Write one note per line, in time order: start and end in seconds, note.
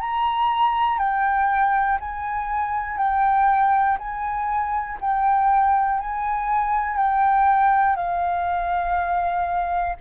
0.00 0.99 A#5
0.99 1.99 G5
2.00 2.98 G#5
2.98 3.98 G5
3.99 4.99 G#5
5.01 6.00 G5
6.00 6.97 G#5
6.97 7.96 G5
7.96 9.96 F5